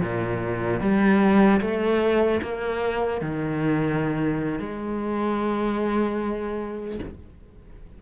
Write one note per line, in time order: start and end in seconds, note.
0.00 0.80 A#2
0.80 1.60 G3
1.60 2.40 A3
2.42 3.21 A#3
3.21 4.59 D#3
4.59 6.99 G#3